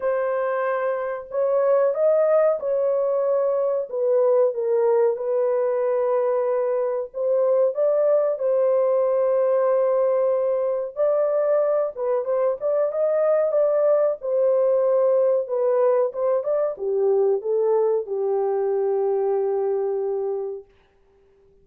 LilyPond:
\new Staff \with { instrumentName = "horn" } { \time 4/4 \tempo 4 = 93 c''2 cis''4 dis''4 | cis''2 b'4 ais'4 | b'2. c''4 | d''4 c''2.~ |
c''4 d''4. b'8 c''8 d''8 | dis''4 d''4 c''2 | b'4 c''8 d''8 g'4 a'4 | g'1 | }